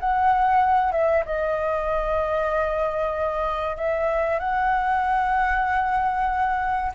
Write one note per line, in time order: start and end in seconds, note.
0.00 0.92 F#5
0.92 1.23 E5
1.26 3.76 D#5
3.76 4.39 E5
4.39 6.92 F#5